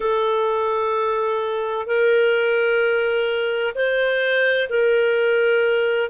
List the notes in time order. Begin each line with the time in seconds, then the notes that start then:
0.00 A4
1.86 A#4
3.75 C5
4.69 A#4